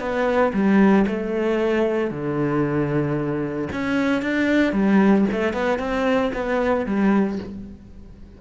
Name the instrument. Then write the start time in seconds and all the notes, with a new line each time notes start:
cello
0.00 B3
0.53 G3
1.07 A3
2.11 D3
3.72 C#4
4.22 D4
4.73 G3
5.32 A3
5.53 B3
5.79 C4
6.34 B3
6.86 G3